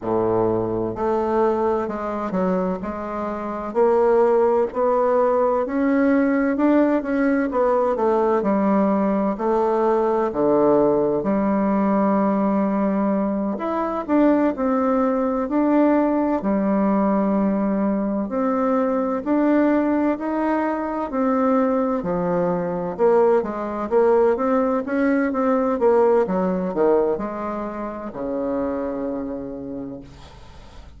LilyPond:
\new Staff \with { instrumentName = "bassoon" } { \time 4/4 \tempo 4 = 64 a,4 a4 gis8 fis8 gis4 | ais4 b4 cis'4 d'8 cis'8 | b8 a8 g4 a4 d4 | g2~ g8 e'8 d'8 c'8~ |
c'8 d'4 g2 c'8~ | c'8 d'4 dis'4 c'4 f8~ | f8 ais8 gis8 ais8 c'8 cis'8 c'8 ais8 | fis8 dis8 gis4 cis2 | }